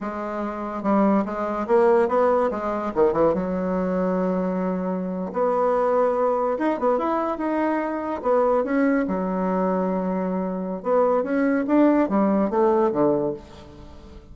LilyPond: \new Staff \with { instrumentName = "bassoon" } { \time 4/4 \tempo 4 = 144 gis2 g4 gis4 | ais4 b4 gis4 dis8 e8 | fis1~ | fis8. b2. dis'16~ |
dis'16 b8 e'4 dis'2 b16~ | b8. cis'4 fis2~ fis16~ | fis2 b4 cis'4 | d'4 g4 a4 d4 | }